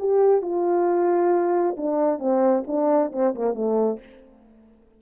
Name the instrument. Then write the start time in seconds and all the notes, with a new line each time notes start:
horn
0.00 G4
0.42 F4
1.78 D4
2.20 C4
2.67 D4
3.13 C4
3.36 A#3
3.55 A3